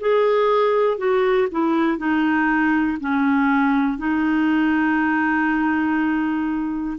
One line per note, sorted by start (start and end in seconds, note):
0.00 0.98 G#4
0.98 1.48 F#4
1.51 1.98 E4
1.98 2.98 D#4
3.00 3.98 C#4
3.98 6.98 D#4